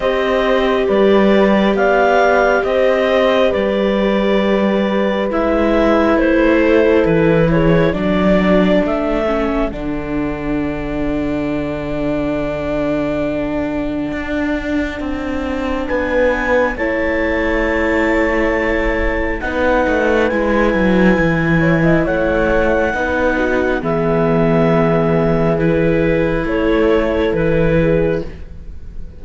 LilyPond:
<<
  \new Staff \with { instrumentName = "clarinet" } { \time 4/4 \tempo 4 = 68 dis''4 d''4 f''4 dis''4 | d''2 e''4 c''4 | b'8 cis''8 d''4 e''4 fis''4~ | fis''1~ |
fis''2 gis''4 a''4~ | a''2 fis''4 gis''4~ | gis''4 fis''2 e''4~ | e''4 b'4 cis''4 b'4 | }
  \new Staff \with { instrumentName = "horn" } { \time 4/4 c''4 b'4 d''4 c''4 | b'2.~ b'8 a'8~ | a'8 gis'8 a'2.~ | a'1~ |
a'2 b'4 cis''4~ | cis''2 b'2~ | b'8 cis''16 dis''16 cis''4 b'8 fis'8 gis'4~ | gis'2 a'4. gis'8 | }
  \new Staff \with { instrumentName = "viola" } { \time 4/4 g'1~ | g'2 e'2~ | e'4 d'4. cis'8 d'4~ | d'1~ |
d'2. e'4~ | e'2 dis'4 e'4~ | e'2 dis'4 b4~ | b4 e'2. | }
  \new Staff \with { instrumentName = "cello" } { \time 4/4 c'4 g4 b4 c'4 | g2 gis4 a4 | e4 fis4 a4 d4~ | d1 |
d'4 c'4 b4 a4~ | a2 b8 a8 gis8 fis8 | e4 a4 b4 e4~ | e2 a4 e4 | }
>>